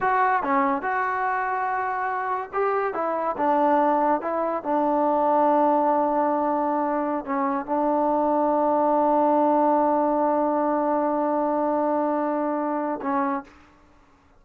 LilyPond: \new Staff \with { instrumentName = "trombone" } { \time 4/4 \tempo 4 = 143 fis'4 cis'4 fis'2~ | fis'2 g'4 e'4 | d'2 e'4 d'4~ | d'1~ |
d'4~ d'16 cis'4 d'4.~ d'16~ | d'1~ | d'1~ | d'2. cis'4 | }